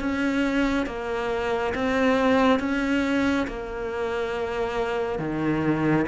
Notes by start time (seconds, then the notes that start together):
0.00 C#4
0.87 A#3
1.75 C4
2.60 C#4
3.48 A#3
5.19 D#3